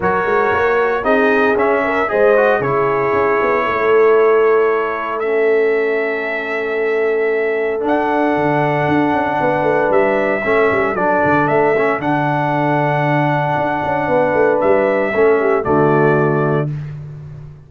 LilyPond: <<
  \new Staff \with { instrumentName = "trumpet" } { \time 4/4 \tempo 4 = 115 cis''2 dis''4 e''4 | dis''4 cis''2.~ | cis''2 e''2~ | e''2. fis''4~ |
fis''2. e''4~ | e''4 d''4 e''4 fis''4~ | fis''1 | e''2 d''2 | }
  \new Staff \with { instrumentName = "horn" } { \time 4/4 ais'2 gis'4. ais'8 | c''4 gis'2 a'4~ | a'1~ | a'1~ |
a'2 b'2 | a'1~ | a'2. b'4~ | b'4 a'8 g'8 fis'2 | }
  \new Staff \with { instrumentName = "trombone" } { \time 4/4 fis'2 dis'4 cis'4 | gis'8 fis'8 e'2.~ | e'2 cis'2~ | cis'2. d'4~ |
d'1 | cis'4 d'4. cis'8 d'4~ | d'1~ | d'4 cis'4 a2 | }
  \new Staff \with { instrumentName = "tuba" } { \time 4/4 fis8 gis8 ais4 c'4 cis'4 | gis4 cis4 cis'8 b8 a4~ | a1~ | a2. d'4 |
d4 d'8 cis'8 b8 a8 g4 | a8 g8 fis8 d8 a4 d4~ | d2 d'8 cis'8 b8 a8 | g4 a4 d2 | }
>>